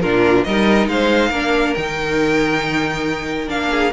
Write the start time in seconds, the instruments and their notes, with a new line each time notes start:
0.00 cello A#2, viola D4, violin F4 A#4
0.44 cello G3, viola D#4, violin A#4 D#5
0.87 cello G#3, violin C5 F5
1.29 cello A#3, viola D4, violin A#4
1.74 cello D#3, viola D#4, violin G5
3.47 cello A#3, viola D4, violin F5
3.71 violin G#4